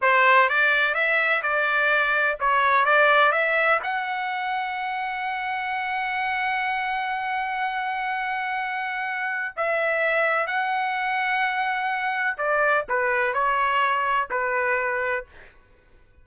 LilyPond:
\new Staff \with { instrumentName = "trumpet" } { \time 4/4 \tempo 4 = 126 c''4 d''4 e''4 d''4~ | d''4 cis''4 d''4 e''4 | fis''1~ | fis''1~ |
fis''1 | e''2 fis''2~ | fis''2 d''4 b'4 | cis''2 b'2 | }